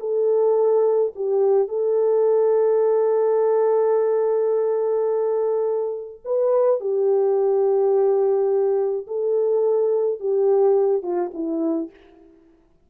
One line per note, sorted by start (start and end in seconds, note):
0.00 1.13 A4
1.16 1.68 G4
1.68 6.21 A4
6.25 6.80 B4
6.80 9.07 G4
9.07 10.20 A4
10.20 11.02 G4
11.02 11.31 F4
11.34 11.90 E4